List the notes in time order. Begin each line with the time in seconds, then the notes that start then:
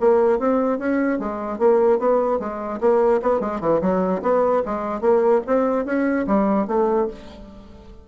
0.00 A#3
0.39 C4
0.78 C#4
1.19 G#3
1.58 A#3
1.99 B3
2.39 G#3
2.80 A#3
3.22 B3
3.40 G#3
3.60 E3
3.81 F#3
4.22 B3
4.65 G#3
5.00 A#3
5.46 C4
5.85 C#4
6.27 G3
6.67 A3